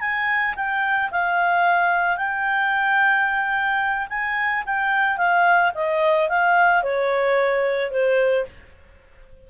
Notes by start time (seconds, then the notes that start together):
0.00 G#5
0.56 G5
1.11 F5
2.17 G5
4.09 G#5
4.66 G5
5.17 F5
5.74 D#5
6.29 F5
6.83 C#5
7.91 C5